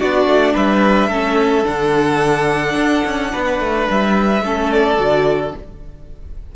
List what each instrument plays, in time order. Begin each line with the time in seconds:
0.00 cello B3, viola D4, violin F#4 D5
0.27 cello A3
0.54 cello G3, violin B4 E5
1.08 cello A3, viola C#4, violin A4
1.65 cello D3, viola D4, violin F#5
2.75 cello D4
3.05 cello C#4
3.32 cello B3, violin B4
3.60 cello A3
3.91 cello G3, violin E5
4.42 cello A3, viola C#4, violin A4
4.71 violin D5
4.97 cello D3, viola F#4